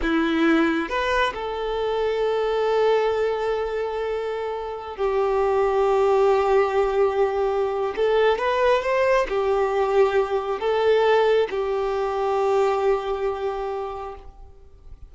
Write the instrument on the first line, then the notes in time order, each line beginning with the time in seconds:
violin
0.02 E4
0.89 B4
1.34 A4
4.96 G4
7.95 A4
8.38 B4
8.82 C5
9.28 G4
10.60 A4
11.50 G4